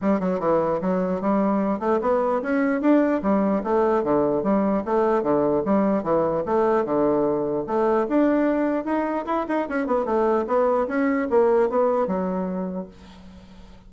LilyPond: \new Staff \with { instrumentName = "bassoon" } { \time 4/4 \tempo 4 = 149 g8 fis8 e4 fis4 g4~ | g8 a8 b4 cis'4 d'4 | g4 a4 d4 g4 | a4 d4 g4 e4 |
a4 d2 a4 | d'2 dis'4 e'8 dis'8 | cis'8 b8 a4 b4 cis'4 | ais4 b4 fis2 | }